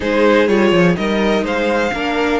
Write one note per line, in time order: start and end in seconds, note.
0.00 0.47 G#3
0.00 0.48 D#4
0.00 0.96 G#4
0.00 0.47 C5
0.47 0.71 G3
0.47 0.95 F4
0.47 0.96 C#5
0.71 0.95 F3
0.95 1.42 G3
0.95 1.91 D#4
0.95 1.44 A#4
0.95 1.44 D#5
1.42 1.90 G#3
1.42 1.92 C5
1.42 2.40 F5
1.93 2.40 A#3
1.93 2.40 D4
1.93 2.40 A#4